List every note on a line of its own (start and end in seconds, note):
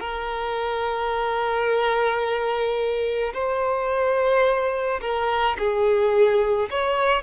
0.00 3.33 A#4
3.33 5.00 C5
5.01 5.57 A#4
5.58 6.69 G#4
6.70 7.22 C#5